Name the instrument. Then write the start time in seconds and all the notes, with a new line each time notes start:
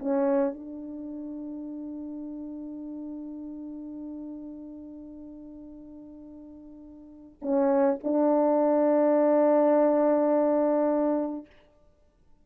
horn
0.00 C#4
0.54 D4
7.42 C#4
8.04 D4